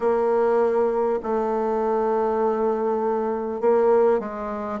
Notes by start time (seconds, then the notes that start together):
0.00 A#3
1.22 A3
3.61 A#3
4.19 G#3